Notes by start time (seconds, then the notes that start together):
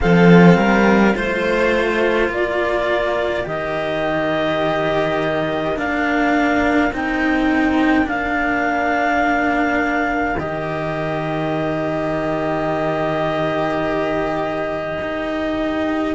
0.00 F3 C4 A4 F5
0.56 G3 A#4
1.13 A3 F4 C5
2.27 A#3 A#4 D5
3.44 D#3 G4 D#5
5.75 A#3 D4 F5
6.91 C4 D#4 G5
8.04 A#3 D4 F5
10.36 D#3 G4 D#5
15.01 D#4